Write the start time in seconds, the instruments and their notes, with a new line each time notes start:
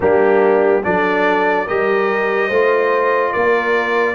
0.00 tuba G3, trombone A#3, horn D4, trumpet G4
0.82 tuba F#3, trombone D4, horn A4, trumpet D5
1.66 tuba G3, trombone G4, horn A#4, trumpet D#5
2.47 tuba A3, trombone F4, horn C5
3.32 tuba A#3, horn A#4, trumpet D5